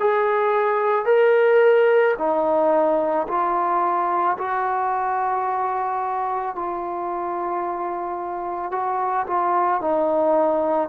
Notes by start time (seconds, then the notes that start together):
0.00 G#4
1.06 A#4
2.18 D#4
3.28 F4
4.38 F#4
6.56 F4
8.72 F#4
9.27 F4
9.81 D#4